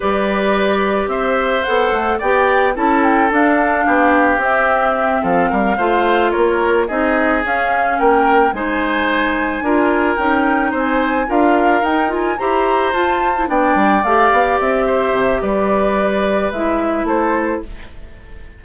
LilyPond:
<<
  \new Staff \with { instrumentName = "flute" } { \time 4/4 \tempo 4 = 109 d''2 e''4 fis''4 | g''4 a''8 g''8 f''2 | e''4. f''2 cis''8~ | cis''8 dis''4 f''4 g''4 gis''8~ |
gis''2~ gis''8 g''4 gis''8~ | gis''8 f''4 g''8 gis''8 ais''4 a''8~ | a''8 g''4 f''4 e''4. | d''2 e''4 c''4 | }
  \new Staff \with { instrumentName = "oboe" } { \time 4/4 b'2 c''2 | d''4 a'2 g'4~ | g'4. a'8 ais'8 c''4 ais'8~ | ais'8 gis'2 ais'4 c''8~ |
c''4. ais'2 c''8~ | c''8 ais'2 c''4.~ | c''8 d''2~ d''8 c''4 | b'2. a'4 | }
  \new Staff \with { instrumentName = "clarinet" } { \time 4/4 g'2. a'4 | g'4 e'4 d'2 | c'2~ c'8 f'4.~ | f'8 dis'4 cis'2 dis'8~ |
dis'4. f'4 dis'4.~ | dis'8 f'4 dis'8 f'8 g'4 f'8~ | f'16 e'16 d'4 g'2~ g'8~ | g'2 e'2 | }
  \new Staff \with { instrumentName = "bassoon" } { \time 4/4 g2 c'4 b8 a8 | b4 cis'4 d'4 b4 | c'4. f8 g8 a4 ais8~ | ais8 c'4 cis'4 ais4 gis8~ |
gis4. d'4 cis'4 c'8~ | c'8 d'4 dis'4 e'4 f'8~ | f'8 b8 g8 a8 b8 c'4 c8 | g2 gis4 a4 | }
>>